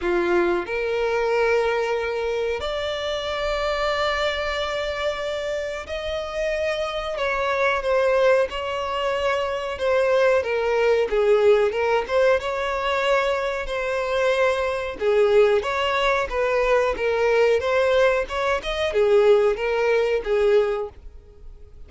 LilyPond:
\new Staff \with { instrumentName = "violin" } { \time 4/4 \tempo 4 = 92 f'4 ais'2. | d''1~ | d''4 dis''2 cis''4 | c''4 cis''2 c''4 |
ais'4 gis'4 ais'8 c''8 cis''4~ | cis''4 c''2 gis'4 | cis''4 b'4 ais'4 c''4 | cis''8 dis''8 gis'4 ais'4 gis'4 | }